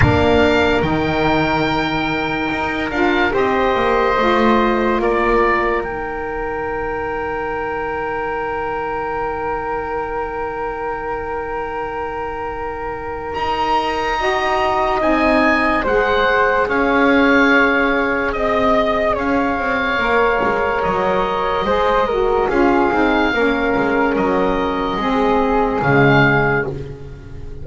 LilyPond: <<
  \new Staff \with { instrumentName = "oboe" } { \time 4/4 \tempo 4 = 72 f''4 g''2~ g''8 f''8 | dis''2 d''4 g''4~ | g''1~ | g''1 |
ais''2 gis''4 fis''4 | f''2 dis''4 f''4~ | f''4 dis''2 f''4~ | f''4 dis''2 f''4 | }
  \new Staff \with { instrumentName = "flute" } { \time 4/4 ais'1 | c''2 ais'2~ | ais'1~ | ais'1~ |
ais'4 dis''2 c''4 | cis''2 dis''4 cis''4~ | cis''2 c''8 ais'8 gis'4 | ais'2 gis'2 | }
  \new Staff \with { instrumentName = "saxophone" } { \time 4/4 d'4 dis'2~ dis'8 f'8 | g'4 f'2 dis'4~ | dis'1~ | dis'1~ |
dis'4 fis'4 dis'4 gis'4~ | gis'1 | ais'2 gis'8 fis'8 f'8 dis'8 | cis'2 c'4 gis4 | }
  \new Staff \with { instrumentName = "double bass" } { \time 4/4 ais4 dis2 dis'8 d'8 | c'8 ais8 a4 ais4 dis4~ | dis1~ | dis1 |
dis'2 c'4 gis4 | cis'2 c'4 cis'8 c'8 | ais8 gis8 fis4 gis4 cis'8 c'8 | ais8 gis8 fis4 gis4 cis4 | }
>>